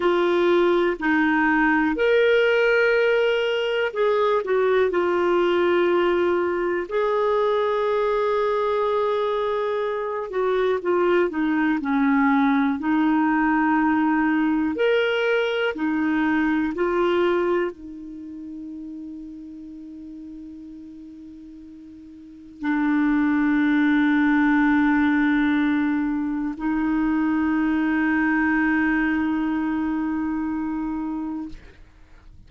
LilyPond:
\new Staff \with { instrumentName = "clarinet" } { \time 4/4 \tempo 4 = 61 f'4 dis'4 ais'2 | gis'8 fis'8 f'2 gis'4~ | gis'2~ gis'8 fis'8 f'8 dis'8 | cis'4 dis'2 ais'4 |
dis'4 f'4 dis'2~ | dis'2. d'4~ | d'2. dis'4~ | dis'1 | }